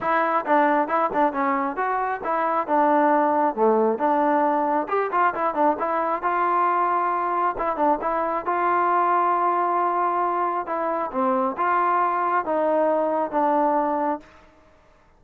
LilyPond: \new Staff \with { instrumentName = "trombone" } { \time 4/4 \tempo 4 = 135 e'4 d'4 e'8 d'8 cis'4 | fis'4 e'4 d'2 | a4 d'2 g'8 f'8 | e'8 d'8 e'4 f'2~ |
f'4 e'8 d'8 e'4 f'4~ | f'1 | e'4 c'4 f'2 | dis'2 d'2 | }